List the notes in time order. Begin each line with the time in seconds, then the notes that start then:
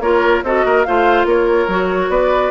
0.00 A#3 F4 A#4 C#5
0.44 C4 F#4 A4 D#5
0.65 A#3 A#4
0.84 A3 F4 C5 F5
1.25 A#3 A#4 C#5
1.68 F#3 F#4
2.09 B3 B4 D5